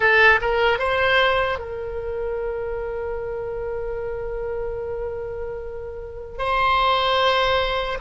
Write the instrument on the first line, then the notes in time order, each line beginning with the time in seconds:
oboe
0.00 A4
0.41 A#4
0.78 C5
1.59 A#4
6.38 C5